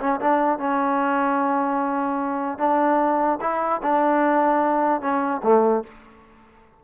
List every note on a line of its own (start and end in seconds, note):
0.00 0.20 C#4
0.21 0.59 D4
0.59 2.59 C#4
2.59 3.39 D4
3.41 3.81 E4
3.82 5.01 D4
5.01 5.41 C#4
5.43 5.84 A3